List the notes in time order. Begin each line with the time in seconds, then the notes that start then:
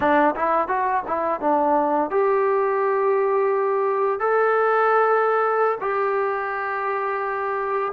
0.00 D4
0.35 E4
0.67 F#4
1.07 E4
1.40 D4
2.10 G4
4.19 A4
5.80 G4